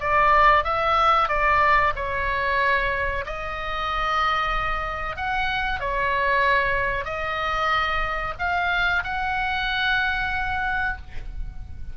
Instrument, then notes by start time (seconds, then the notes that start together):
oboe
0.00 D5
0.64 E5
1.28 D5
1.95 C#5
3.26 D#5
5.16 F#5
5.80 C#5
7.05 D#5
8.39 F5
9.04 F#5